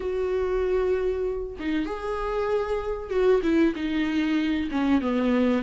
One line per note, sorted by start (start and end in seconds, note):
0.00 1.56 F#4
1.59 1.85 D#4
1.85 3.10 G#4
3.10 3.41 F#4
3.42 3.74 E4
3.75 4.69 D#4
4.71 5.01 C#4
5.01 5.62 B3